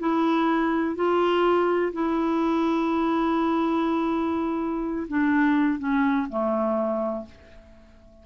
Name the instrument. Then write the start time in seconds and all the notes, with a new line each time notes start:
clarinet
0.00 E4
0.96 F4
1.93 E4
5.09 D4
5.79 C#4
6.29 A3